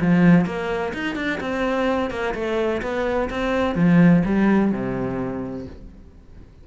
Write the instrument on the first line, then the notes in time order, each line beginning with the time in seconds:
cello
0.00 F3
0.45 A#3
0.93 D#4
1.15 D4
1.40 C4
2.10 A#3
2.34 A3
2.82 B3
3.30 C4
3.75 F3
4.25 G3
4.72 C3